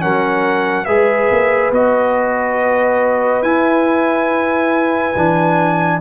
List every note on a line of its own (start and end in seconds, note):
0.00 0.88 F#3
0.00 0.86 C#4
0.00 0.87 A#4
0.00 0.85 F#5
0.85 1.31 G#3
0.85 1.73 G#4
0.85 6.01 B4
0.85 1.71 E5
1.31 1.71 A#3
1.71 3.43 B3
1.71 3.44 F#4
1.71 3.43 D#5
3.43 5.14 E4
3.43 5.15 E4
3.43 6.00 G#5
5.16 6.01 E3
5.16 6.01 D4